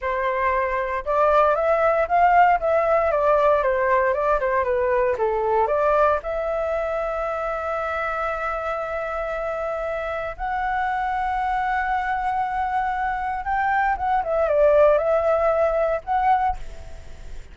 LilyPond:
\new Staff \with { instrumentName = "flute" } { \time 4/4 \tempo 4 = 116 c''2 d''4 e''4 | f''4 e''4 d''4 c''4 | d''8 c''8 b'4 a'4 d''4 | e''1~ |
e''1 | fis''1~ | fis''2 g''4 fis''8 e''8 | d''4 e''2 fis''4 | }